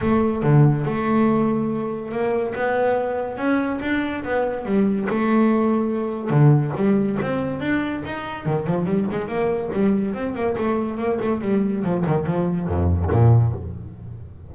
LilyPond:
\new Staff \with { instrumentName = "double bass" } { \time 4/4 \tempo 4 = 142 a4 d4 a2~ | a4 ais4 b2 | cis'4 d'4 b4 g4 | a2. d4 |
g4 c'4 d'4 dis'4 | dis8 f8 g8 gis8 ais4 g4 | c'8 ais8 a4 ais8 a8 g4 | f8 dis8 f4 f,4 ais,4 | }